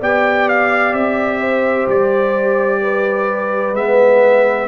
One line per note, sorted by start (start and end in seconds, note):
0.00 0.93 B3
0.00 3.76 G4
0.00 1.41 D5
0.00 0.49 G5
0.49 0.94 F5
0.93 1.87 C4
0.93 1.88 E5
1.41 2.81 C5
1.88 3.73 G3
1.88 3.76 D5
2.82 4.68 B4
3.73 4.67 G#3
3.73 4.68 B3
3.73 4.68 E5